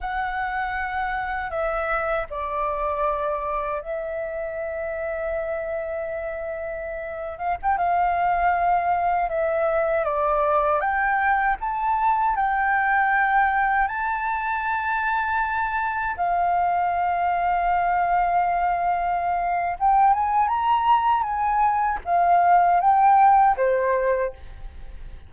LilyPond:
\new Staff \with { instrumentName = "flute" } { \time 4/4 \tempo 4 = 79 fis''2 e''4 d''4~ | d''4 e''2.~ | e''4.~ e''16 f''16 g''16 f''4.~ f''16~ | f''16 e''4 d''4 g''4 a''8.~ |
a''16 g''2 a''4.~ a''16~ | a''4~ a''16 f''2~ f''8.~ | f''2 g''8 gis''8 ais''4 | gis''4 f''4 g''4 c''4 | }